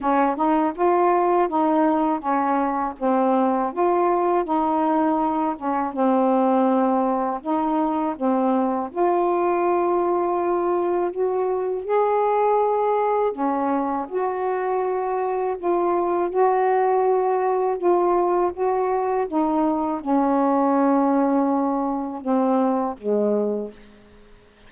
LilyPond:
\new Staff \with { instrumentName = "saxophone" } { \time 4/4 \tempo 4 = 81 cis'8 dis'8 f'4 dis'4 cis'4 | c'4 f'4 dis'4. cis'8 | c'2 dis'4 c'4 | f'2. fis'4 |
gis'2 cis'4 fis'4~ | fis'4 f'4 fis'2 | f'4 fis'4 dis'4 cis'4~ | cis'2 c'4 gis4 | }